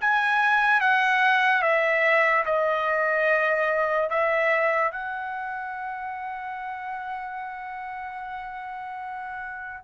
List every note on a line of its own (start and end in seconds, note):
0.00 0.80 G#5
0.80 1.62 F#5
1.62 2.44 E5
2.45 4.09 D#5
4.09 4.91 E5
4.91 9.84 F#5